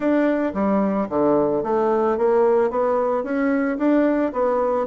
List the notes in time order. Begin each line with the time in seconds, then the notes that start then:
0.00 D4
0.54 G3
1.09 D3
1.63 A3
2.17 A#3
2.70 B3
3.23 C#4
3.77 D4
4.32 B3